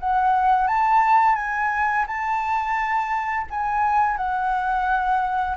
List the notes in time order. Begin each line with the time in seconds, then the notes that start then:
0.00 F#5
0.68 A5
1.36 G#5
2.07 A5
3.51 G#5
4.17 F#5